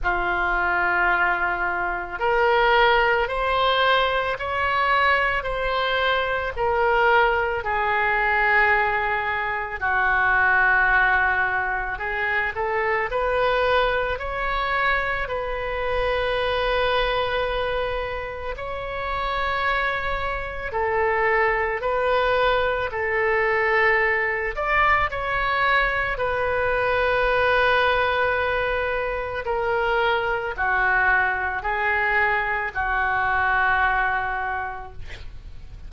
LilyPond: \new Staff \with { instrumentName = "oboe" } { \time 4/4 \tempo 4 = 55 f'2 ais'4 c''4 | cis''4 c''4 ais'4 gis'4~ | gis'4 fis'2 gis'8 a'8 | b'4 cis''4 b'2~ |
b'4 cis''2 a'4 | b'4 a'4. d''8 cis''4 | b'2. ais'4 | fis'4 gis'4 fis'2 | }